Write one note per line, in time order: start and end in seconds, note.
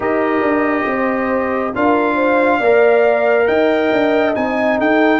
0.00 0.40 D#4
0.00 1.73 G4
0.00 0.87 A#4
0.00 1.75 D#5
0.40 0.84 D4
0.86 1.73 C4
0.86 1.74 C5
1.74 2.60 D4
1.74 2.61 F4
1.74 2.14 A#4
1.74 3.47 F5
2.14 2.58 C5
2.59 3.47 A#3
2.59 4.34 A#4
2.59 3.45 D5
3.46 3.91 D#4
3.46 4.77 D#5
3.46 4.34 G5
3.92 4.35 D4
4.34 4.78 C4
4.34 5.20 D#4
4.34 4.78 G#5
4.77 5.20 D#4
4.77 5.20 A4
4.77 5.20 G5